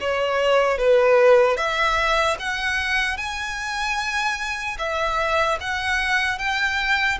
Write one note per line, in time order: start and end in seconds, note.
0.00 0.78 C#5
0.78 1.56 B4
1.56 2.36 E5
2.39 3.17 F#5
3.17 4.77 G#5
4.78 5.58 E5
5.60 6.38 F#5
6.38 7.18 G5